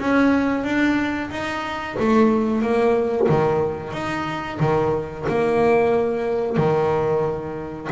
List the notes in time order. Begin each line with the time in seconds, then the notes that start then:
0.00 C#4
0.64 D4
1.30 D#4
1.99 A3
2.61 A#3
3.29 D#3
3.92 D#4
4.60 D#3
5.28 A#3
6.57 D#3